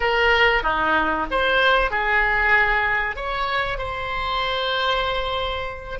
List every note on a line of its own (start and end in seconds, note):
0.00 0.63 A#4
0.63 1.26 D#4
1.30 1.91 C5
1.91 3.16 G#4
3.16 3.78 C#5
3.78 5.99 C5